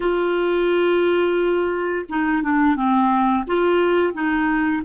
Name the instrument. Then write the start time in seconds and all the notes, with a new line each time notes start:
clarinet
0.00 F4
2.09 D#4
2.42 D4
2.76 C4
3.47 F4
4.13 D#4